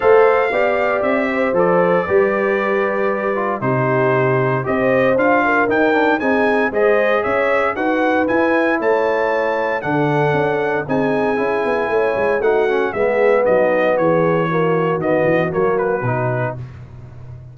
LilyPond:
<<
  \new Staff \with { instrumentName = "trumpet" } { \time 4/4 \tempo 4 = 116 f''2 e''4 d''4~ | d''2. c''4~ | c''4 dis''4 f''4 g''4 | gis''4 dis''4 e''4 fis''4 |
gis''4 a''2 fis''4~ | fis''4 gis''2. | fis''4 e''4 dis''4 cis''4~ | cis''4 dis''4 cis''8 b'4. | }
  \new Staff \with { instrumentName = "horn" } { \time 4/4 c''4 d''4. c''4. | b'2. g'4~ | g'4 c''4. ais'4. | gis'4 c''4 cis''4 b'4~ |
b'4 cis''2 a'4~ | a'4 gis'2 cis''4 | fis'4 gis'4 dis'4 gis'4 | fis'1 | }
  \new Staff \with { instrumentName = "trombone" } { \time 4/4 a'4 g'2 a'4 | g'2~ g'8 f'8 dis'4~ | dis'4 g'4 f'4 dis'8 d'8 | dis'4 gis'2 fis'4 |
e'2. d'4~ | d'4 dis'4 e'2 | dis'8 cis'8 b2. | ais4 b4 ais4 dis'4 | }
  \new Staff \with { instrumentName = "tuba" } { \time 4/4 a4 b4 c'4 f4 | g2. c4~ | c4 c'4 d'4 dis'4 | c'4 gis4 cis'4 dis'4 |
e'4 a2 d4 | cis'4 c'4 cis'8 b8 a8 gis8 | a4 gis4 fis4 e4~ | e4 dis8 e8 fis4 b,4 | }
>>